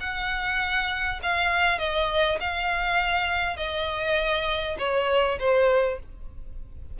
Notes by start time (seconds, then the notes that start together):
0.00 F#5
1.23 F5
1.79 D#5
2.40 F5
3.57 D#5
4.79 C#5
5.39 C5